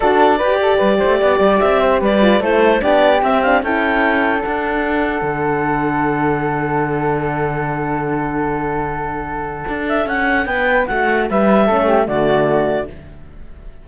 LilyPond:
<<
  \new Staff \with { instrumentName = "clarinet" } { \time 4/4 \tempo 4 = 149 d''1 | e''4 d''4 c''4 d''4 | e''8 f''8 g''2 fis''4~ | fis''1~ |
fis''1~ | fis''1~ | fis''8 e''8 fis''4 g''4 fis''4 | e''2 d''2 | }
  \new Staff \with { instrumentName = "flute" } { \time 4/4 a'4 b'8 a'8 b'8 c''8 d''4~ | d''8 c''8 b'4 a'4 g'4~ | g'4 a'2.~ | a'1~ |
a'1~ | a'1~ | a'2 b'4 fis'4 | b'4 a'8 g'8 fis'2 | }
  \new Staff \with { instrumentName = "horn" } { \time 4/4 fis'4 g'2.~ | g'4. f'8 e'4 d'4 | c'8 d'8 e'2 d'4~ | d'1~ |
d'1~ | d'1~ | d'1~ | d'4 cis'4 a2 | }
  \new Staff \with { instrumentName = "cello" } { \time 4/4 d'4 g'4 g8 a8 b8 g8 | c'4 g4 a4 b4 | c'4 cis'2 d'4~ | d'4 d2.~ |
d1~ | d1 | d'4 cis'4 b4 a4 | g4 a4 d2 | }
>>